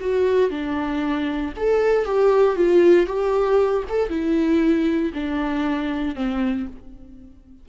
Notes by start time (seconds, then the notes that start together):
0.00 F#4
0.50 D4
1.56 A4
2.05 G4
2.56 F4
3.06 G4
3.89 A4
4.09 E4
5.13 D4
6.15 C4